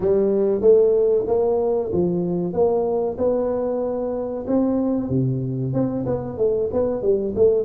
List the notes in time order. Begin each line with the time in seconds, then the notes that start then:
0.00 G3
0.61 A3
1.27 A#3
1.92 F3
2.53 A#3
3.17 B3
4.47 C4
5.09 C3
5.73 C4
6.06 B3
6.37 A3
6.72 B3
7.02 G3
7.35 A3